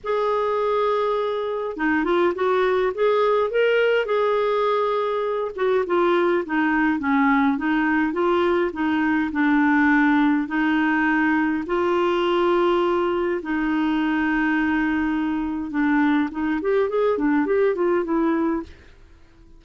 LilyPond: \new Staff \with { instrumentName = "clarinet" } { \time 4/4 \tempo 4 = 103 gis'2. dis'8 f'8 | fis'4 gis'4 ais'4 gis'4~ | gis'4. fis'8 f'4 dis'4 | cis'4 dis'4 f'4 dis'4 |
d'2 dis'2 | f'2. dis'4~ | dis'2. d'4 | dis'8 g'8 gis'8 d'8 g'8 f'8 e'4 | }